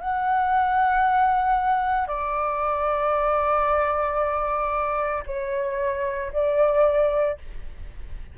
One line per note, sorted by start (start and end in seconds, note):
0.00 2.07 F#5
2.07 5.23 D5
5.26 6.31 C#5
6.32 7.37 D5